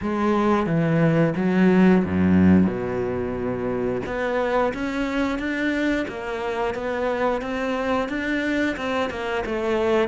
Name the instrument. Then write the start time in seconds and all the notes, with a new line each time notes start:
cello
0.01 G#3
0.66 E3
1.36 F#3
2.04 F#2
2.66 B2
4.05 B3
4.73 C#4
5.38 D4
6.07 A#3
6.74 B3
7.41 C4
8.09 D4
8.76 C4
9.09 A#3
9.45 A3